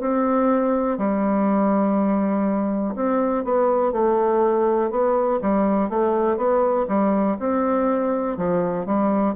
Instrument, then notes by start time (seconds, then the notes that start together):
bassoon
0.00 C4
0.97 G3
2.95 C4
3.44 B3
3.92 A3
4.90 B3
5.41 G3
5.89 A3
6.37 B3
6.88 G3
7.39 C4
8.37 F3
8.86 G3